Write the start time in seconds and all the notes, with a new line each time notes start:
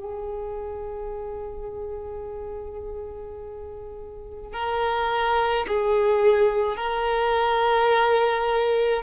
0.00 G#4
4.53 A#4
5.68 G#4
6.77 A#4